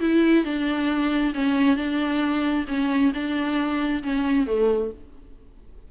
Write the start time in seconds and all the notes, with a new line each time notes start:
0.00 E4
0.44 D4
1.34 C#4
1.76 D4
2.68 C#4
3.13 D4
4.03 C#4
4.46 A3